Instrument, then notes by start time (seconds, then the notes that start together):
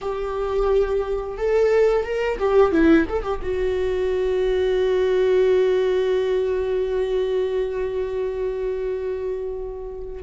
viola
0.01 G4
1.37 A4
2.04 A#4
2.38 G4
2.72 E4
3.09 A4
3.23 G4
3.42 F#4